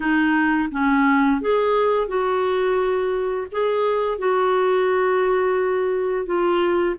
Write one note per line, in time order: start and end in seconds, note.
0.00 0.69 D#4
0.71 1.41 C#4
1.41 2.07 G#4
2.07 3.47 F#4
3.51 4.18 G#4
4.18 6.26 F#4
6.26 6.95 F4